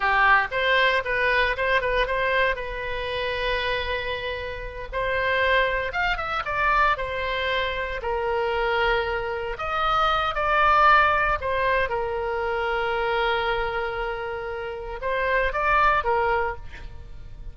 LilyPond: \new Staff \with { instrumentName = "oboe" } { \time 4/4 \tempo 4 = 116 g'4 c''4 b'4 c''8 b'8 | c''4 b'2.~ | b'4. c''2 f''8 | e''8 d''4 c''2 ais'8~ |
ais'2~ ais'8 dis''4. | d''2 c''4 ais'4~ | ais'1~ | ais'4 c''4 d''4 ais'4 | }